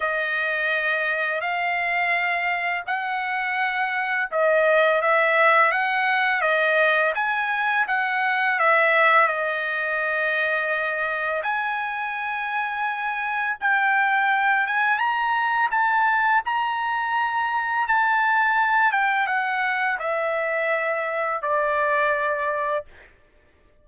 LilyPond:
\new Staff \with { instrumentName = "trumpet" } { \time 4/4 \tempo 4 = 84 dis''2 f''2 | fis''2 dis''4 e''4 | fis''4 dis''4 gis''4 fis''4 | e''4 dis''2. |
gis''2. g''4~ | g''8 gis''8 ais''4 a''4 ais''4~ | ais''4 a''4. g''8 fis''4 | e''2 d''2 | }